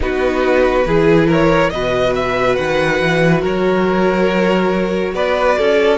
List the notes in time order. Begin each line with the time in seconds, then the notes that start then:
0.00 B3 D#4 F#4 B4
0.86 E3 E4 G#4
1.27 A#4 C#5
1.69 B2 F#4 B4 D#5
2.15 E5
2.55 D#3 F#5
3.00 E3
3.41 F#3 A#4 C#5
5.13 B3 B4 D5
5.58 C#4 A4